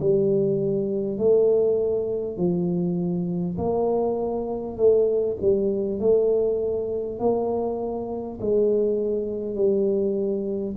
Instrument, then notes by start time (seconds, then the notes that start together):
tuba
0.00 G3
1.18 A3
2.37 F3
3.57 A#3
4.77 A3
5.41 G3
5.99 A3
7.19 A#3
8.41 G#3
9.55 G3